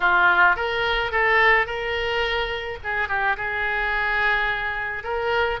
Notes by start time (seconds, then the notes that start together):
0.00 F4
0.56 A#4
1.11 A4
1.66 A#4
2.83 G#4
3.08 G4
3.36 G#4
5.03 A#4